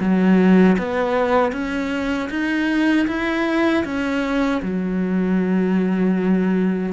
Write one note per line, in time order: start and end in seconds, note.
0.00 0.77 F#3
0.79 1.53 B3
1.53 2.29 C#4
2.30 3.07 D#4
3.08 3.85 E4
3.85 4.62 C#4
4.62 6.93 F#3